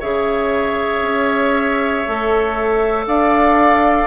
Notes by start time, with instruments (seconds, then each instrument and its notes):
0.00 bassoon C#3, clarinet G#4, oboe C#5, flute E5
1.02 bassoon C#4
2.08 bassoon A3, clarinet A4
3.07 bassoon D4, oboe D5, flute F5